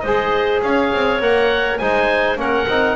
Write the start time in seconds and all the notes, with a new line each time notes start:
0.00 G#3 G#4 C5 D#5
0.63 C#4 C#5 F5
0.93 C4
1.21 A#3 A#4 F#5
1.78 G#3 D#4 C5 G#5
2.36 A#3 C#4 A#4 F#5
2.68 C4 D#4